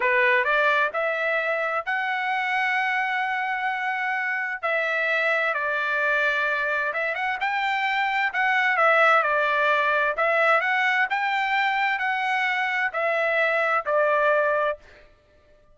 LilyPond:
\new Staff \with { instrumentName = "trumpet" } { \time 4/4 \tempo 4 = 130 b'4 d''4 e''2 | fis''1~ | fis''2 e''2 | d''2. e''8 fis''8 |
g''2 fis''4 e''4 | d''2 e''4 fis''4 | g''2 fis''2 | e''2 d''2 | }